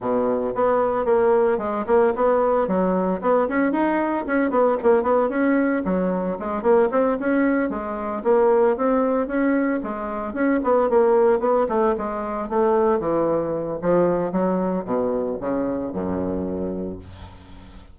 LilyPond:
\new Staff \with { instrumentName = "bassoon" } { \time 4/4 \tempo 4 = 113 b,4 b4 ais4 gis8 ais8 | b4 fis4 b8 cis'8 dis'4 | cis'8 b8 ais8 b8 cis'4 fis4 | gis8 ais8 c'8 cis'4 gis4 ais8~ |
ais8 c'4 cis'4 gis4 cis'8 | b8 ais4 b8 a8 gis4 a8~ | a8 e4. f4 fis4 | b,4 cis4 fis,2 | }